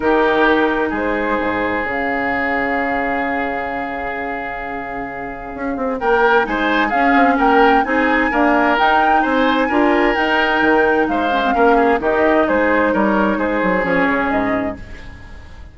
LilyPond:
<<
  \new Staff \with { instrumentName = "flute" } { \time 4/4 \tempo 4 = 130 ais'2 c''2 | f''1~ | f''1~ | f''4 g''4 gis''4 f''4 |
g''4 gis''2 g''4 | gis''2 g''2 | f''2 dis''4 c''4 | cis''4 c''4 cis''4 dis''4 | }
  \new Staff \with { instrumentName = "oboe" } { \time 4/4 g'2 gis'2~ | gis'1~ | gis'1~ | gis'4 ais'4 c''4 gis'4 |
ais'4 gis'4 ais'2 | c''4 ais'2. | c''4 ais'8 gis'8 g'4 gis'4 | ais'4 gis'2. | }
  \new Staff \with { instrumentName = "clarinet" } { \time 4/4 dis'1 | cis'1~ | cis'1~ | cis'2 dis'4 cis'4~ |
cis'4 dis'4 ais4 dis'4~ | dis'4 f'4 dis'2~ | dis'8 cis'16 c'16 cis'4 dis'2~ | dis'2 cis'2 | }
  \new Staff \with { instrumentName = "bassoon" } { \time 4/4 dis2 gis4 gis,4 | cis1~ | cis1 | cis'8 c'8 ais4 gis4 cis'8 c'8 |
ais4 c'4 d'4 dis'4 | c'4 d'4 dis'4 dis4 | gis4 ais4 dis4 gis4 | g4 gis8 fis8 f8 cis8 gis,4 | }
>>